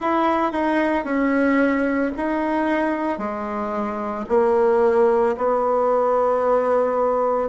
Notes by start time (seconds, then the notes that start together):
0.00 E4
0.52 D#4
1.04 C#4
2.17 D#4
3.18 G#3
4.29 A#3
5.37 B3